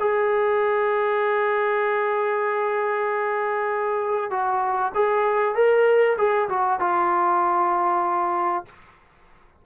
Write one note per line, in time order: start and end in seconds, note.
0.00 4.31 G#4
4.31 4.93 F#4
4.95 5.55 G#4
5.55 6.17 A#4
6.18 6.49 G#4
6.49 6.80 F#4
6.80 8.66 F4